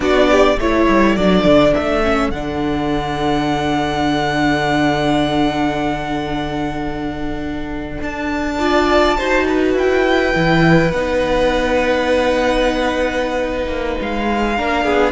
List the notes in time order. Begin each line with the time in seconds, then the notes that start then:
0.00 B3 D4 F#4 D5
0.31 G4
0.57 A3 E4 A4 C#5
0.88 G3
1.15 F#3 D4 D5
1.44 D3
1.74 A3 E5
2.03 C#4
2.30 D3 D4 F#5
8.01 D4 A5
8.58 F4 D5
9.18 D#4 F#4 C5
9.48 B4
9.74 E4 G5
10.33 E3 E4
10.91 B3 D#4 F#5
13.66 A#3
14.01 G#3 F5
14.56 A#3 D4 A#4
14.84 B3 G#4